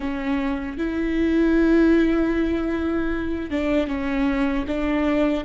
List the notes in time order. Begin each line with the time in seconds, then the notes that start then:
0.00 C#4
0.77 E4
3.50 D4
3.87 C#4
4.67 D4